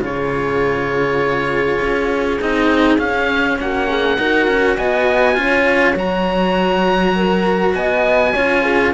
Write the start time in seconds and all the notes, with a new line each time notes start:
0.00 C#3 F4 G#4 C#5
1.81 C#4
2.41 C4 D#4 D#5
2.98 C#4 F5
3.60 A#3 F#4 F#5
3.88 G#4
4.18 D#4 F#4 A#4
4.47 C#4
4.76 B3 D#5 G#5
5.35 C#4 F4 C#5
5.95 F#3 F#4 A#5
7.15 A#4
7.75 B3 D#5 G#5
8.33 C#4 F4 C#5
8.63 G#4